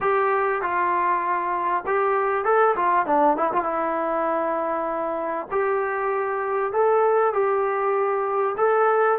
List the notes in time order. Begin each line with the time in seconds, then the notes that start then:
0.01 G4
0.62 F4
1.86 G4
2.44 A4
2.76 F4
3.06 D4
3.36 E4
3.52 F4
3.63 E4
5.51 G4
6.72 A4
7.33 G4
8.57 A4